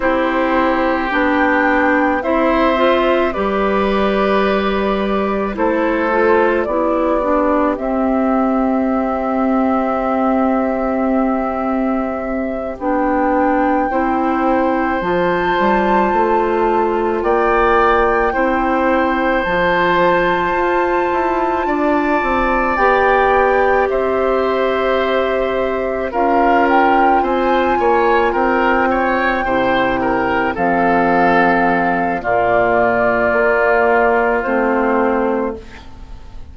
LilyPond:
<<
  \new Staff \with { instrumentName = "flute" } { \time 4/4 \tempo 4 = 54 c''4 g''4 e''4 d''4~ | d''4 c''4 d''4 e''4~ | e''2.~ e''8 g''8~ | g''4. a''2 g''8~ |
g''4. a''2~ a''8~ | a''8 g''4 e''2 f''8 | g''8 gis''4 g''2 f''8~ | f''4 d''2 c''4 | }
  \new Staff \with { instrumentName = "oboe" } { \time 4/4 g'2 c''4 b'4~ | b'4 a'4 g'2~ | g'1~ | g'8 c''2. d''8~ |
d''8 c''2. d''8~ | d''4. c''2 ais'8~ | ais'8 c''8 cis''8 ais'8 cis''8 c''8 ais'8 a'8~ | a'4 f'2. | }
  \new Staff \with { instrumentName = "clarinet" } { \time 4/4 e'4 d'4 e'8 f'8 g'4~ | g'4 e'8 f'8 e'8 d'8 c'4~ | c'2.~ c'8 d'8~ | d'8 e'4 f'2~ f'8~ |
f'8 e'4 f'2~ f'8~ | f'8 g'2. f'8~ | f'2~ f'8 e'4 c'8~ | c'4 ais2 c'4 | }
  \new Staff \with { instrumentName = "bassoon" } { \time 4/4 c'4 b4 c'4 g4~ | g4 a4 b4 c'4~ | c'2.~ c'8 b8~ | b8 c'4 f8 g8 a4 ais8~ |
ais8 c'4 f4 f'8 e'8 d'8 | c'8 b4 c'2 cis'8~ | cis'8 c'8 ais8 c'4 c4 f8~ | f4 ais,4 ais4 a4 | }
>>